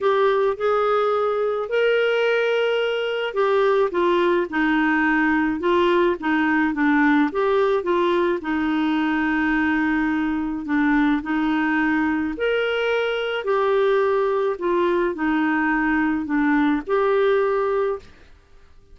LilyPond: \new Staff \with { instrumentName = "clarinet" } { \time 4/4 \tempo 4 = 107 g'4 gis'2 ais'4~ | ais'2 g'4 f'4 | dis'2 f'4 dis'4 | d'4 g'4 f'4 dis'4~ |
dis'2. d'4 | dis'2 ais'2 | g'2 f'4 dis'4~ | dis'4 d'4 g'2 | }